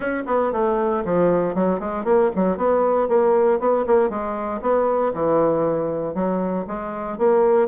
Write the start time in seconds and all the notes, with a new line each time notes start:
0.00 C#4
0.26 B3
0.52 A3
1.05 F3
1.55 F#3
1.79 G#3
2.04 A#3
2.35 F#3
2.57 B3
3.08 A#3
3.59 B3
3.86 A#3
4.09 G#3
4.61 B3
5.13 E3
6.14 F#3
6.67 G#3
7.17 A#3